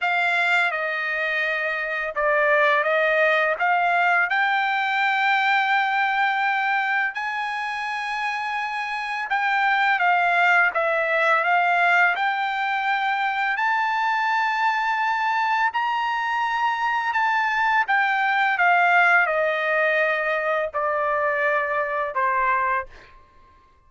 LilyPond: \new Staff \with { instrumentName = "trumpet" } { \time 4/4 \tempo 4 = 84 f''4 dis''2 d''4 | dis''4 f''4 g''2~ | g''2 gis''2~ | gis''4 g''4 f''4 e''4 |
f''4 g''2 a''4~ | a''2 ais''2 | a''4 g''4 f''4 dis''4~ | dis''4 d''2 c''4 | }